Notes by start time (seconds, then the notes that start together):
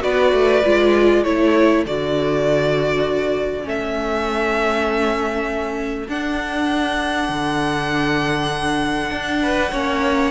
0.00 B3 F#4 B4 D5
0.32 A3
0.64 G#3 F4
1.22 A3 E4 A4 C#5
1.85 D3 F#4 D5
3.62 A3 C#4 E5
6.08 D4 F#5
7.29 D3
9.10 D4
9.42 B4
9.71 A#3 C#4 C#5